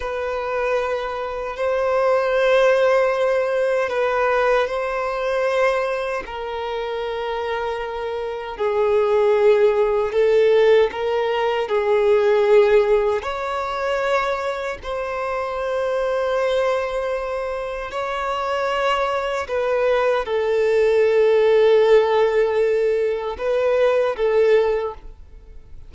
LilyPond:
\new Staff \with { instrumentName = "violin" } { \time 4/4 \tempo 4 = 77 b'2 c''2~ | c''4 b'4 c''2 | ais'2. gis'4~ | gis'4 a'4 ais'4 gis'4~ |
gis'4 cis''2 c''4~ | c''2. cis''4~ | cis''4 b'4 a'2~ | a'2 b'4 a'4 | }